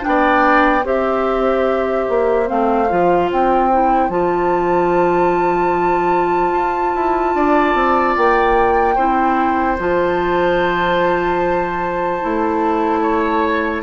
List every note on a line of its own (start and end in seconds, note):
0.00 0.81 D4
0.00 0.85 G5
0.06 0.85 B3
0.06 0.85 D5
0.84 2.06 C4
0.84 2.46 G4
0.84 7.33 C5
0.84 2.48 E5
2.09 2.49 A#3
2.46 2.91 A3
2.46 2.87 C4
2.46 3.29 F5
2.89 3.31 F3
2.89 3.70 F4
3.32 4.09 C4
3.32 4.10 G5
3.71 4.09 E4
4.09 6.52 F3
4.09 8.96 F4
4.09 8.15 A5
6.52 6.93 F4
6.95 7.35 E4
7.35 7.74 D4
7.35 8.95 D5
7.74 8.15 C4
8.16 8.97 A#3
8.16 9.78 G5
8.95 9.78 C4
8.95 9.78 E4
8.95 13.00 C5
9.79 12.22 F3
9.79 12.21 F4
9.79 13.82 A5
12.21 13.82 A3
12.21 13.82 E4
13.02 13.82 C#5